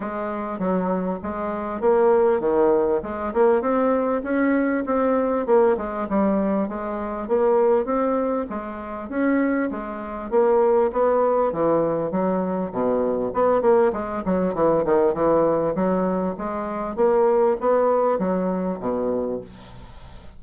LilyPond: \new Staff \with { instrumentName = "bassoon" } { \time 4/4 \tempo 4 = 99 gis4 fis4 gis4 ais4 | dis4 gis8 ais8 c'4 cis'4 | c'4 ais8 gis8 g4 gis4 | ais4 c'4 gis4 cis'4 |
gis4 ais4 b4 e4 | fis4 b,4 b8 ais8 gis8 fis8 | e8 dis8 e4 fis4 gis4 | ais4 b4 fis4 b,4 | }